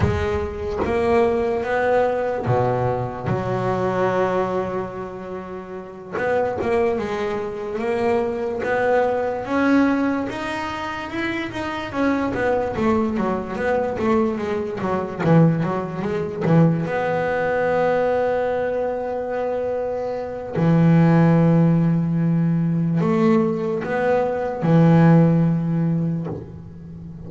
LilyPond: \new Staff \with { instrumentName = "double bass" } { \time 4/4 \tempo 4 = 73 gis4 ais4 b4 b,4 | fis2.~ fis8 b8 | ais8 gis4 ais4 b4 cis'8~ | cis'8 dis'4 e'8 dis'8 cis'8 b8 a8 |
fis8 b8 a8 gis8 fis8 e8 fis8 gis8 | e8 b2.~ b8~ | b4 e2. | a4 b4 e2 | }